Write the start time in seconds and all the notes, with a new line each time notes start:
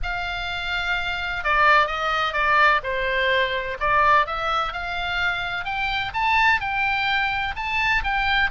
0.02 F5
1.43 D5
1.86 D#5
2.33 D5
2.83 C5
3.79 D5
4.26 E5
4.72 F5
5.64 G5
6.13 A5
6.60 G5
7.56 A5
8.03 G5